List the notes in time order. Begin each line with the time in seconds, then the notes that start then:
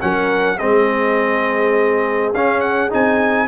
0.00 F#3 C#4 A#4 F#5
0.57 G#3 C4 G#4 D#5
2.33 C#4 F5
2.60 F#5
2.89 C4 D#4 G#5